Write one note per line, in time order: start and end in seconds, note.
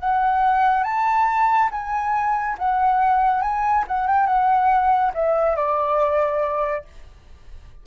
0.00 0.84 F#5
0.84 1.69 A5
1.71 2.57 G#5
2.59 3.42 F#5
3.42 3.85 G#5
3.88 4.08 F#5
4.08 4.27 G5
4.27 5.13 F#5
5.14 5.56 E5
5.56 6.85 D5